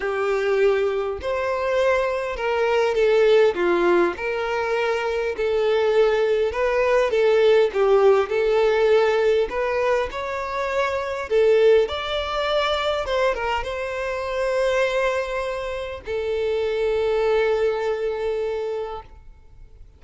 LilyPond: \new Staff \with { instrumentName = "violin" } { \time 4/4 \tempo 4 = 101 g'2 c''2 | ais'4 a'4 f'4 ais'4~ | ais'4 a'2 b'4 | a'4 g'4 a'2 |
b'4 cis''2 a'4 | d''2 c''8 ais'8 c''4~ | c''2. a'4~ | a'1 | }